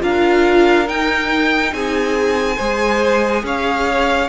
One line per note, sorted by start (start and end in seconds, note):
0.00 0.88 D4
0.00 0.85 F4
0.00 1.73 A#4
0.00 0.88 F5
0.85 2.56 D#4
0.85 1.72 D#4
0.85 1.73 G5
1.72 2.58 C4
1.72 2.56 G#4
1.72 3.44 G#5
2.56 3.43 G#3
2.56 4.29 G#4
2.56 3.42 C5
3.43 4.29 C#4
3.43 4.29 C#5
3.43 4.29 F5